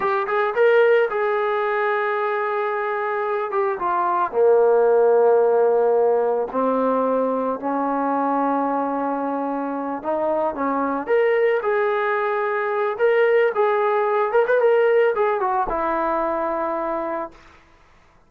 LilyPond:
\new Staff \with { instrumentName = "trombone" } { \time 4/4 \tempo 4 = 111 g'8 gis'8 ais'4 gis'2~ | gis'2~ gis'8 g'8 f'4 | ais1 | c'2 cis'2~ |
cis'2~ cis'8 dis'4 cis'8~ | cis'8 ais'4 gis'2~ gis'8 | ais'4 gis'4. ais'16 b'16 ais'4 | gis'8 fis'8 e'2. | }